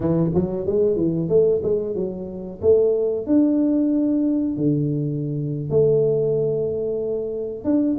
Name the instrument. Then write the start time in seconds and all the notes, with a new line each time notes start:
tuba
0.00 E3
0.34 F#3
0.66 G#3
0.96 E3
1.29 A3
1.63 G#3
1.95 F#3
2.61 A3
3.26 D4
4.57 D3
5.69 A3
7.64 D4